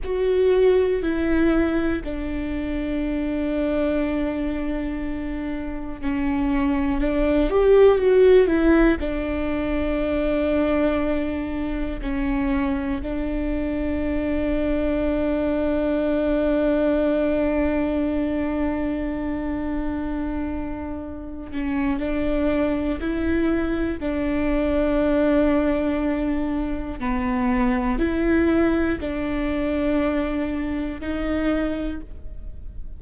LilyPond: \new Staff \with { instrumentName = "viola" } { \time 4/4 \tempo 4 = 60 fis'4 e'4 d'2~ | d'2 cis'4 d'8 g'8 | fis'8 e'8 d'2. | cis'4 d'2.~ |
d'1~ | d'4. cis'8 d'4 e'4 | d'2. b4 | e'4 d'2 dis'4 | }